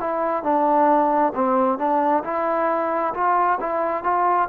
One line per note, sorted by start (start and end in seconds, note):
0.00 0.44 E4
0.44 1.33 D4
1.35 1.79 C4
1.79 2.23 D4
2.24 3.14 E4
3.14 3.59 F4
3.60 4.04 E4
4.04 4.49 F4